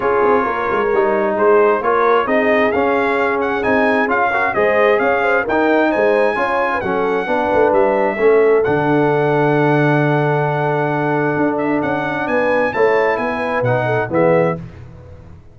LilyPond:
<<
  \new Staff \with { instrumentName = "trumpet" } { \time 4/4 \tempo 4 = 132 cis''2. c''4 | cis''4 dis''4 f''4. fis''8 | gis''4 f''4 dis''4 f''4 | g''4 gis''2 fis''4~ |
fis''4 e''2 fis''4~ | fis''1~ | fis''4. e''8 fis''4 gis''4 | a''4 gis''4 fis''4 e''4 | }
  \new Staff \with { instrumentName = "horn" } { \time 4/4 gis'4 ais'2 gis'4 | ais'4 gis'2.~ | gis'4. ais'8 c''4 cis''8 c''8 | ais'4 c''4 cis''8. b'16 a'4 |
b'2 a'2~ | a'1~ | a'2. b'4 | cis''4 b'4. a'8 gis'4 | }
  \new Staff \with { instrumentName = "trombone" } { \time 4/4 f'2 dis'2 | f'4 dis'4 cis'2 | dis'4 f'8 fis'8 gis'2 | dis'2 f'4 cis'4 |
d'2 cis'4 d'4~ | d'1~ | d'1 | e'2 dis'4 b4 | }
  \new Staff \with { instrumentName = "tuba" } { \time 4/4 cis'8 c'8 ais8 gis8 g4 gis4 | ais4 c'4 cis'2 | c'4 cis'4 gis4 cis'4 | dis'4 gis4 cis'4 fis4 |
b8 a8 g4 a4 d4~ | d1~ | d4 d'4 cis'4 b4 | a4 b4 b,4 e4 | }
>>